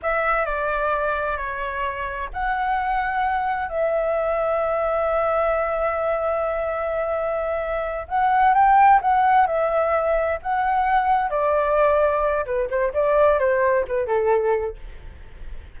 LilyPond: \new Staff \with { instrumentName = "flute" } { \time 4/4 \tempo 4 = 130 e''4 d''2 cis''4~ | cis''4 fis''2. | e''1~ | e''1~ |
e''4. fis''4 g''4 fis''8~ | fis''8 e''2 fis''4.~ | fis''8 d''2~ d''8 b'8 c''8 | d''4 c''4 b'8 a'4. | }